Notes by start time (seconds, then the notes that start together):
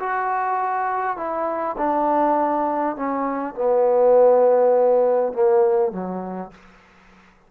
0.00 F#4
1.17 E4
1.78 D4
2.96 C#4
3.55 B3
5.33 A#3
5.92 F#3